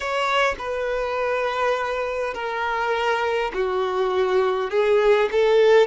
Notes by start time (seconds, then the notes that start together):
0.00 C#5
0.58 B4
2.34 A#4
3.53 F#4
4.70 G#4
5.32 A4